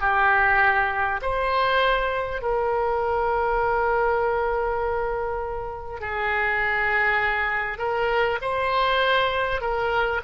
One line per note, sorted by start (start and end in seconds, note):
0.00 1.20 G4
1.21 2.41 C5
2.42 6.00 A#4
6.00 7.78 G#4
7.78 8.38 A#4
8.41 9.61 C5
9.61 10.21 A#4